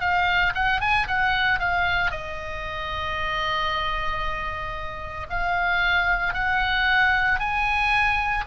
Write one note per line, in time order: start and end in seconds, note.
0.00 0.53 F5
0.54 0.80 F#5
0.80 1.07 G#5
1.07 1.59 F#5
1.59 2.11 F5
2.11 5.26 D#5
5.29 6.33 F5
6.33 7.39 F#5
7.39 8.44 G#5